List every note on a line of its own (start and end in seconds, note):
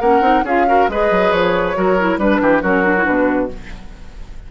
0.00 0.21 A#3
0.00 0.21 C#4
0.00 0.44 A#4
0.00 0.44 F#5
0.21 0.42 C4
0.21 0.43 D#4
0.43 0.86 C#4
0.43 0.66 F4
0.43 0.66 G#4
0.43 0.90 F5
0.66 0.88 F#4
0.66 0.90 A#4
0.88 1.10 G#3
0.88 1.74 G#4
0.88 1.77 B4
0.88 1.32 D#5
1.10 1.32 F#3
1.32 1.75 F3
1.32 2.19 C#5
1.74 2.17 F#3
1.74 1.96 F#4
1.74 2.19 A#4
1.99 2.19 E4
2.17 2.39 G3
2.17 2.62 D4
2.17 2.41 B4
2.17 2.62 B4
2.40 2.62 E3
2.40 2.62 G4
2.62 3.06 F#3
2.62 2.84 C#4
2.62 3.49 F#4
2.62 3.05 A#4
2.84 2.94 D4
2.97 3.04 E4
3.04 3.51 B2
3.04 3.48 D4
3.04 3.48 B4